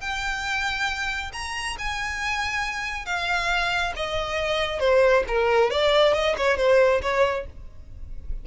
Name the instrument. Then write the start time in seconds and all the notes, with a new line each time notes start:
violin
0.00 G5
1.33 A#5
1.78 G#5
3.05 F5
3.96 D#5
4.79 C5
5.27 A#4
5.70 D5
6.13 D#5
6.37 C#5
6.57 C5
7.02 C#5